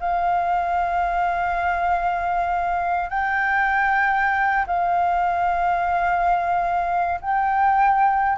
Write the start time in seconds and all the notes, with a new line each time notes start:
0.00 F5
3.10 G5
4.67 F5
7.20 G5